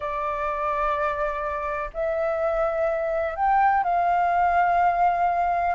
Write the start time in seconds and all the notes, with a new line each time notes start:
0.00 D5
1.93 E5
3.35 G5
3.83 F5